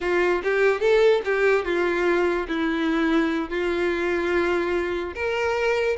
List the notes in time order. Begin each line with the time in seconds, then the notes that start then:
0.00 F4
0.43 G4
0.80 A4
1.24 G4
1.65 F4
2.48 E4
3.49 F4
5.14 A#4